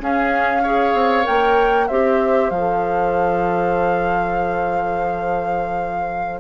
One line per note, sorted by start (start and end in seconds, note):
0.00 0.62 C#4
0.00 0.94 C#4
0.00 0.62 G#4
0.00 1.26 F5
0.62 1.23 G#4
0.62 1.87 C#5
0.94 1.25 C4
1.23 1.90 A#3
1.23 1.86 A#4
1.23 1.88 G5
1.87 2.50 C4
1.87 2.53 G4
1.87 6.40 C5
1.87 2.50 E5
2.50 6.40 F3
2.50 6.40 A4
2.50 6.40 F5